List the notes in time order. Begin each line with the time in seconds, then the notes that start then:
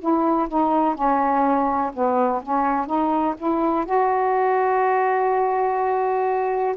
0.00 E4
0.48 D#4
0.95 C#4
1.94 B3
2.43 C#4
2.86 D#4
3.37 E4
3.85 F#4